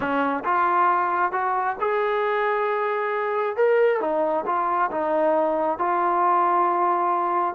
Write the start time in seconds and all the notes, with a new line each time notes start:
0.00 C#4
0.44 F4
1.32 F#4
1.80 G#4
3.56 A#4
4.00 D#4
4.46 F4
4.91 D#4
5.78 F4